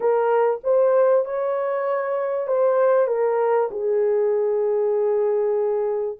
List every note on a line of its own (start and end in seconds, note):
0.00 0.60 A#4
0.63 1.25 C5
1.25 2.47 C#5
2.47 3.07 C5
3.07 3.69 A#4
3.70 6.18 G#4